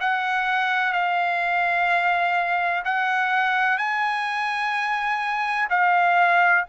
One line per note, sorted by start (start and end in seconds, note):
0.00 0.93 F#5
0.93 2.83 F5
2.84 3.77 F#5
3.77 5.68 G#5
5.70 6.65 F5